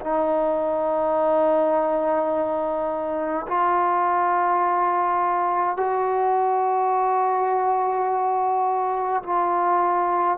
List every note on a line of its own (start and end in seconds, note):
0.00 3.46 D#4
3.47 5.76 F4
5.76 9.23 F#4
9.23 10.37 F4